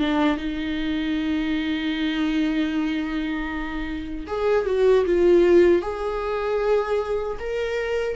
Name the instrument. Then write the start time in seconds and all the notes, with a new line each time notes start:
viola
0.00 D4
0.38 D#4
4.28 G#4
4.66 F#4
5.06 F4
5.83 G#4
7.40 A#4